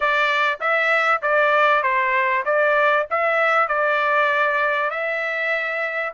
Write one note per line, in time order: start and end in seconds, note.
0.00 0.59 D5
0.60 1.21 E5
1.21 1.82 D5
1.82 2.44 C5
2.45 3.06 D5
3.10 3.68 E5
3.68 4.90 D5
4.90 6.12 E5